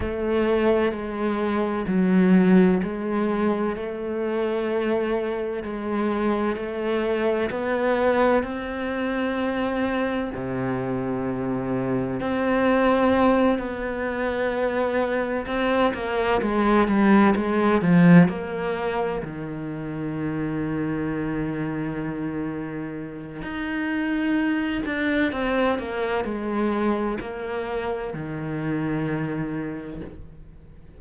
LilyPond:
\new Staff \with { instrumentName = "cello" } { \time 4/4 \tempo 4 = 64 a4 gis4 fis4 gis4 | a2 gis4 a4 | b4 c'2 c4~ | c4 c'4. b4.~ |
b8 c'8 ais8 gis8 g8 gis8 f8 ais8~ | ais8 dis2.~ dis8~ | dis4 dis'4. d'8 c'8 ais8 | gis4 ais4 dis2 | }